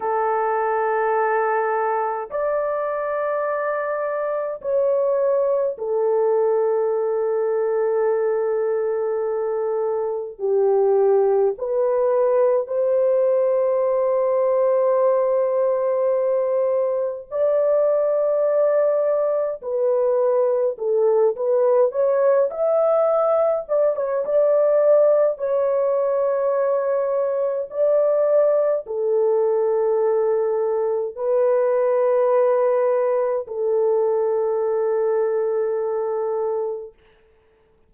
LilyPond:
\new Staff \with { instrumentName = "horn" } { \time 4/4 \tempo 4 = 52 a'2 d''2 | cis''4 a'2.~ | a'4 g'4 b'4 c''4~ | c''2. d''4~ |
d''4 b'4 a'8 b'8 cis''8 e''8~ | e''8 d''16 cis''16 d''4 cis''2 | d''4 a'2 b'4~ | b'4 a'2. | }